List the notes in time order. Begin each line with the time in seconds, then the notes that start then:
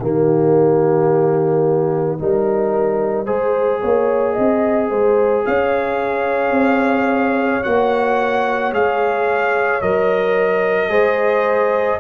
0.00 D#3 A#3 G4 D#5
2.19 G3 D#4 A#4
3.25 G#3 G#4 C5
3.81 A#3 C#5
4.33 C4 D#5
4.90 G#3 C5
5.46 C#4 C#5 F5
6.51 C4
7.64 A#3 F#4 F#5
8.72 G#3 G#4 F5
9.81 F#3 A#4 D#5
10.90 G#3 G#4 C5